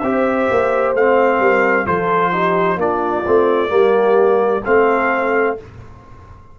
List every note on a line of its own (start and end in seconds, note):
0.00 0.49 C4
0.00 0.96 G4
0.00 1.41 C5
0.00 0.92 E5
0.51 0.94 A#3
0.94 1.40 A3
0.94 1.86 C4
0.94 1.87 F5
1.40 1.86 G3
1.40 1.86 A#4
1.86 2.77 F3
1.86 2.32 F4
1.86 2.32 A4
1.86 2.79 C5
2.32 2.79 D#4
2.32 2.79 G4
2.77 3.23 A#3
2.77 3.25 D4
2.77 3.72 F4
2.77 4.65 D5
3.26 3.71 A3
3.26 3.68 C4
3.68 4.63 G3
3.68 4.61 A#3
3.68 4.65 G4
4.65 5.60 A3
4.65 5.58 C4
4.65 5.57 A4
4.65 5.57 F5